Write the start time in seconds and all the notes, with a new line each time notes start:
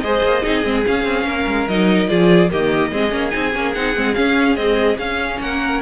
0.00 G#3 G#4 C5 D#5
0.22 A#3
0.42 C4 D#4 G#4
0.63 G#3 C4
0.86 C#4 F5
1.03 C4
1.24 A#3 A#4
1.46 G#3
1.68 F#3 D#4 D#5
2.08 F3 F4 G#4 D5
2.49 D#3 A#3 G4 D#5
2.91 G#3 C4 G#4
3.10 A#3 C#4
3.30 C4 D#4 G#5
3.54 A#3 C#4
3.74 C4 D#4 F#5
3.95 G#3 C4
4.14 C#4 F5
4.56 G#3 C4 D#5
4.98 C#4 F5
5.39 A#3 A#4 F#5